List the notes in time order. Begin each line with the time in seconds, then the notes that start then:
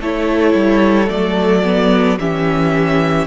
0.00 A3 E4 A4 C#5
0.54 G3
1.07 F#3 A3 D5
1.64 B3
2.18 E3 C#4 G4 E5